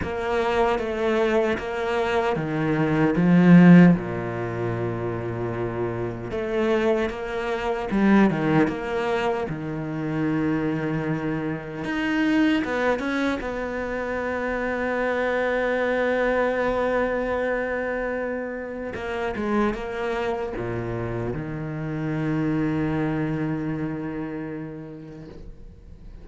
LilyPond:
\new Staff \with { instrumentName = "cello" } { \time 4/4 \tempo 4 = 76 ais4 a4 ais4 dis4 | f4 ais,2. | a4 ais4 g8 dis8 ais4 | dis2. dis'4 |
b8 cis'8 b2.~ | b1 | ais8 gis8 ais4 ais,4 dis4~ | dis1 | }